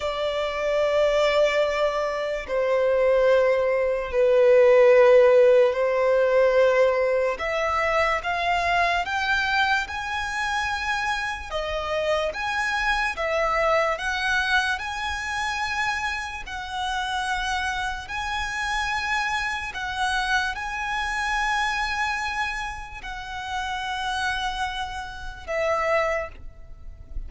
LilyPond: \new Staff \with { instrumentName = "violin" } { \time 4/4 \tempo 4 = 73 d''2. c''4~ | c''4 b'2 c''4~ | c''4 e''4 f''4 g''4 | gis''2 dis''4 gis''4 |
e''4 fis''4 gis''2 | fis''2 gis''2 | fis''4 gis''2. | fis''2. e''4 | }